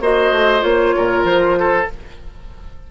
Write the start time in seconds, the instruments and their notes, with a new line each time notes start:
0.00 bassoon A#3, clarinet F#4, oboe C5, flute D#5
0.31 bassoon A3
0.60 bassoon A#3, clarinet F4, flute C#5
0.96 bassoon A#2, oboe A#4
1.24 bassoon F3, flute C5
1.59 oboe A4